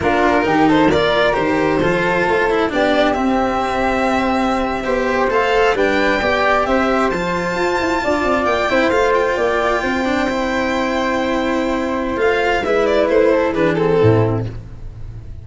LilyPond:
<<
  \new Staff \with { instrumentName = "violin" } { \time 4/4 \tempo 4 = 133 ais'4. c''8 d''4 c''4~ | c''2 d''4 e''4~ | e''2.~ e''8. f''16~ | f''8. g''2 e''4 a''16~ |
a''2~ a''8. g''4 f''16~ | f''16 g''2.~ g''8.~ | g''2. f''4 | e''8 d''8 c''4 b'8 a'4. | }
  \new Staff \with { instrumentName = "flute" } { \time 4/4 f'4 g'8 a'8 ais'2 | a'2 g'2~ | g'2~ g'8. c''4~ c''16~ | c''8. b'4 d''4 c''4~ c''16~ |
c''4.~ c''16 d''4. c''8.~ | c''8. d''4 c''2~ c''16~ | c''1 | b'4. a'8 gis'4 e'4 | }
  \new Staff \with { instrumentName = "cello" } { \time 4/4 d'4 dis'4 f'4 g'4 | f'4. e'8 d'4 c'4~ | c'2~ c'8. g'4 a'16~ | a'8. d'4 g'2 f'16~ |
f'2.~ f'16 e'8 f'16~ | f'2~ f'16 d'8 e'4~ e'16~ | e'2. f'4 | e'2 d'8 c'4. | }
  \new Staff \with { instrumentName = "tuba" } { \time 4/4 ais4 dis4 ais4 dis4 | f4 a4 b4 c'4~ | c'2~ c'8. b4 a16~ | a8. g4 b4 c'4 f16~ |
f8. f'8 e'8 d'8 c'8 ais8 c'8 a16~ | a8. ais4 c'2~ c'16~ | c'2. a4 | gis4 a4 e4 a,4 | }
>>